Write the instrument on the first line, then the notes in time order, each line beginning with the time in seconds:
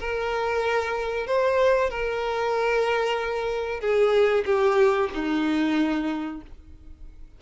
violin
0.00 A#4
1.27 C5
1.91 A#4
3.81 G#4
4.46 G4
5.15 D#4